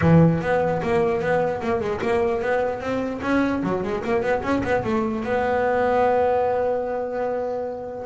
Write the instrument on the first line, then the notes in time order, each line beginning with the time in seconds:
double bass
0.01 E3
0.41 B3
0.82 A#3
1.21 B3
1.61 A#3
1.80 G#3
2.01 A#3
2.41 B3
2.80 C4
3.22 C#4
3.63 F#3
3.83 G#3
4.04 A#3
4.22 B3
4.42 C#4
4.63 B3
4.84 A3
5.23 B3